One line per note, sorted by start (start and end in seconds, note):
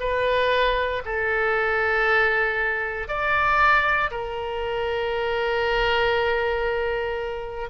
0.00 1.03 B4
1.05 3.08 A4
3.08 4.10 D5
4.11 7.70 A#4